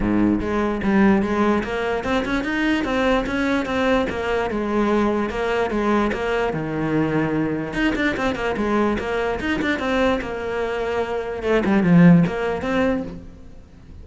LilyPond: \new Staff \with { instrumentName = "cello" } { \time 4/4 \tempo 4 = 147 gis,4 gis4 g4 gis4 | ais4 c'8 cis'8 dis'4 c'4 | cis'4 c'4 ais4 gis4~ | gis4 ais4 gis4 ais4 |
dis2. dis'8 d'8 | c'8 ais8 gis4 ais4 dis'8 d'8 | c'4 ais2. | a8 g8 f4 ais4 c'4 | }